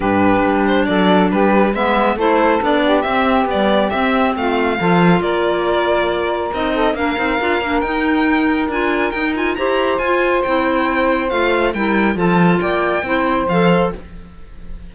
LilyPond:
<<
  \new Staff \with { instrumentName = "violin" } { \time 4/4 \tempo 4 = 138 b'4. c''8 d''4 b'4 | e''4 c''4 d''4 e''4 | d''4 e''4 f''2 | d''2. dis''4 |
f''2 g''2 | gis''4 g''8 gis''8 ais''4 gis''4 | g''2 f''4 g''4 | a''4 g''2 f''4 | }
  \new Staff \with { instrumentName = "saxophone" } { \time 4/4 g'2 a'4 g'4 | b'4 a'4. g'4.~ | g'2 f'4 a'4 | ais'2.~ ais'8 a'8 |
ais'1~ | ais'2 c''2~ | c''2. ais'4 | a'4 d''4 c''2 | }
  \new Staff \with { instrumentName = "clarinet" } { \time 4/4 d'1 | b4 e'4 d'4 c'4 | g4 c'2 f'4~ | f'2. dis'4 |
d'8 dis'8 f'8 d'8 dis'2 | f'4 dis'8 f'8 g'4 f'4 | e'2 f'4 e'4 | f'2 e'4 a'4 | }
  \new Staff \with { instrumentName = "cello" } { \time 4/4 g,4 g4 fis4 g4 | gis4 a4 b4 c'4 | b4 c'4 a4 f4 | ais2. c'4 |
ais8 c'8 d'8 ais8 dis'2 | d'4 dis'4 e'4 f'4 | c'2 a4 g4 | f4 ais4 c'4 f4 | }
>>